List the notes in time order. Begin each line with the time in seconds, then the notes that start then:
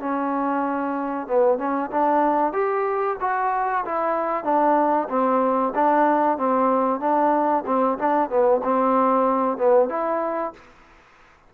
0.00 C#4
1.28 B3
1.58 C#4
1.91 D4
2.53 G4
3.21 F#4
3.86 E4
4.44 D4
5.10 C4
5.75 D4
6.38 C4
7.01 D4
7.67 C4
7.99 D4
8.30 B3
8.64 C4
9.58 B3
9.90 E4